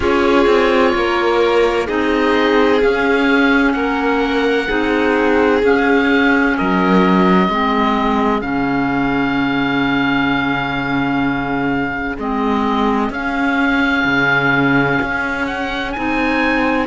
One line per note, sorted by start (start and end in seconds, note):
0.00 0.46 C#4
0.00 1.87 F4
0.00 0.93 G#4
0.00 1.87 C#5
0.46 0.93 C4
0.94 1.88 A#3
0.94 1.86 A#4
1.86 2.82 C4
1.86 2.81 D#4
1.86 3.74 G#4
1.86 2.81 D#5
2.81 4.68 C#4
2.81 3.73 C#4
2.81 3.72 F5
3.72 4.67 A#3
3.72 4.68 A#4
3.72 5.60 F#5
4.68 5.62 C4
4.68 5.61 D#4
4.68 6.55 G#4
5.62 6.56 C#4
5.62 7.50 C#4
5.62 6.57 F5
6.56 7.48 F#3
6.56 7.49 A#4
6.56 8.41 D#5
7.48 8.41 G#3
7.48 8.41 C4
7.48 16.87 G#4
8.41 12.16 C#3
8.41 12.16 C#4
8.41 12.16 F5
12.17 13.10 G#3
12.17 13.12 C4
12.17 13.12 D#5
13.10 14.04 C#4
13.10 15.94 C#4
13.10 15.46 F5
14.04 14.98 C#3
15.02 15.96 C#4
15.46 15.92 F#5
15.92 16.87 C4
15.92 16.87 D#4
15.92 16.86 G#5